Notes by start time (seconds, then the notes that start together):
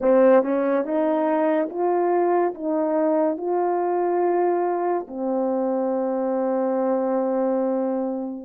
0.00 C4
0.42 C#4
0.84 D#4
1.69 F4
2.54 D#4
3.37 F4
5.07 C4